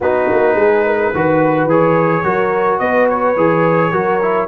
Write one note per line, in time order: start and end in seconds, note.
0.00 0.29 B3
0.00 1.14 D#4
0.00 0.56 F#4
0.00 1.69 B4
0.30 0.55 A#3
0.55 1.11 G#3
0.55 0.84 G#4
0.86 1.14 A#4
1.14 1.65 D#3
1.14 1.69 F#4
1.14 2.24 B4
1.65 2.21 E3
1.65 2.23 G#4
1.65 2.79 C#5
2.23 2.80 F#3
2.23 3.36 F#4
2.23 2.80 A#4
2.79 3.36 B3
2.79 3.91 B4
2.79 3.07 D#5
3.09 4.47 C#5
3.36 3.92 E3
3.36 3.92 G#4
3.91 4.47 F#3
3.91 4.20 F#4
3.91 4.47 A#4
4.21 4.47 E4